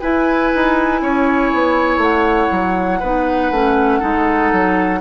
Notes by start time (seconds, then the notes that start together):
0.00 E4 B4 G#5
0.55 D#4
1.02 C#4 C#5
1.54 B3
1.98 A3 F#5
2.51 F#3
3.00 B3 D#4 B4
3.51 A3 C#4
3.99 G#3 D#4 A4
4.52 F#3